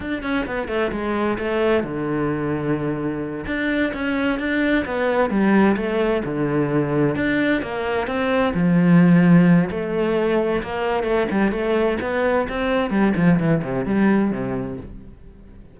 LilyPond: \new Staff \with { instrumentName = "cello" } { \time 4/4 \tempo 4 = 130 d'8 cis'8 b8 a8 gis4 a4 | d2.~ d8 d'8~ | d'8 cis'4 d'4 b4 g8~ | g8 a4 d2 d'8~ |
d'8 ais4 c'4 f4.~ | f4 a2 ais4 | a8 g8 a4 b4 c'4 | g8 f8 e8 c8 g4 c4 | }